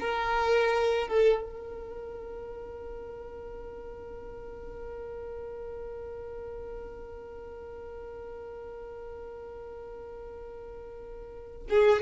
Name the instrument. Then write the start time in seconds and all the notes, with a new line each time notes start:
violin
0.00 A#4
1.08 A4
1.43 A#4
11.70 G#4